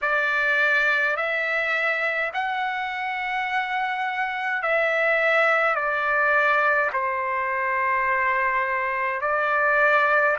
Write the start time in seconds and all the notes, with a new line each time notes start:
0.01 D5
1.16 E5
2.33 F#5
4.62 E5
5.75 D5
6.92 C5
9.21 D5